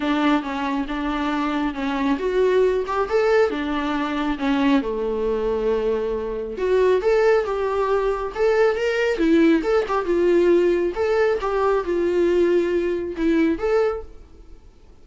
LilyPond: \new Staff \with { instrumentName = "viola" } { \time 4/4 \tempo 4 = 137 d'4 cis'4 d'2 | cis'4 fis'4. g'8 a'4 | d'2 cis'4 a4~ | a2. fis'4 |
a'4 g'2 a'4 | ais'4 e'4 a'8 g'8 f'4~ | f'4 a'4 g'4 f'4~ | f'2 e'4 a'4 | }